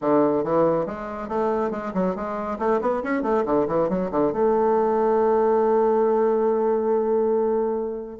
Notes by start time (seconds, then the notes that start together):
0.01 D3
0.44 E3
0.86 G#3
1.28 A3
1.70 G#3
1.94 F#3
2.15 G#3
2.58 A3
2.81 B3
3.03 C#4
3.22 A3
3.45 D3
3.67 E3
3.89 F#3
4.11 D3
4.32 A3